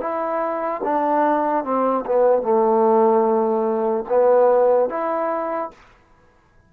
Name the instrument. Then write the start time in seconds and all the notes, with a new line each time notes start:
trombone
0.00 E4
0.83 D4
1.64 C4
2.06 B3
2.42 A3
4.09 B3
4.89 E4